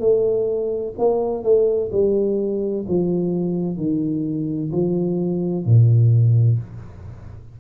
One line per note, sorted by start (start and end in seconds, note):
0.00 0.94 A3
0.98 1.44 A#3
1.44 1.90 A3
1.92 2.86 G3
2.88 3.78 F3
3.78 4.71 D#3
4.72 5.65 F3
5.65 6.59 A#2